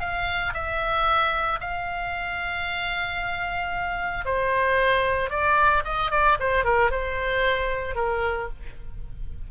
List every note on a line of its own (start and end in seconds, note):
0.00 0.53 F5
0.54 1.60 E5
1.60 4.25 F5
4.25 5.30 C5
5.30 5.83 D5
5.84 6.11 D#5
6.11 6.37 D5
6.40 6.65 C5
6.65 6.91 A#4
6.91 7.95 C5
7.95 8.48 A#4